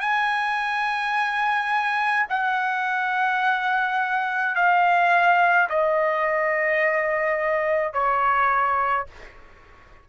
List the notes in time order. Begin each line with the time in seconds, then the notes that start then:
0.00 G#5
2.29 F#5
4.55 F5
5.69 D#5
7.93 C#5